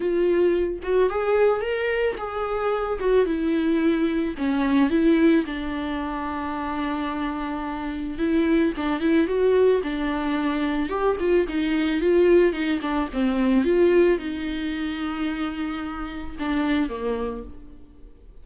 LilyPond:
\new Staff \with { instrumentName = "viola" } { \time 4/4 \tempo 4 = 110 f'4. fis'8 gis'4 ais'4 | gis'4. fis'8 e'2 | cis'4 e'4 d'2~ | d'2. e'4 |
d'8 e'8 fis'4 d'2 | g'8 f'8 dis'4 f'4 dis'8 d'8 | c'4 f'4 dis'2~ | dis'2 d'4 ais4 | }